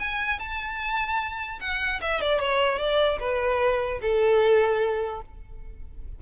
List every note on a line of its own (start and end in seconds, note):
0.00 0.40 G#5
0.40 1.60 A5
1.61 2.01 F#5
2.02 2.21 E5
2.21 2.40 D5
2.40 2.79 C#5
2.79 3.19 D5
3.20 4.00 B4
4.02 5.22 A4